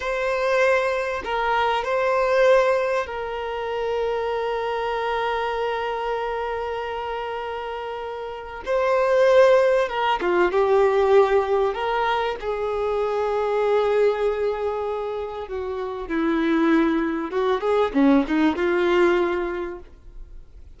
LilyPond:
\new Staff \with { instrumentName = "violin" } { \time 4/4 \tempo 4 = 97 c''2 ais'4 c''4~ | c''4 ais'2.~ | ais'1~ | ais'2 c''2 |
ais'8 f'8 g'2 ais'4 | gis'1~ | gis'4 fis'4 e'2 | fis'8 gis'8 cis'8 dis'8 f'2 | }